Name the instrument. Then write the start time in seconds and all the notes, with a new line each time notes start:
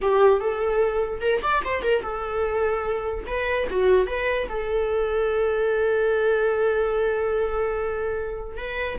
viola
0.01 G4
0.40 A4
1.21 A#4
1.42 D5
1.64 C5
1.82 A#4
2.02 A4
3.26 B4
3.69 F#4
4.06 B4
4.49 A4
8.57 B4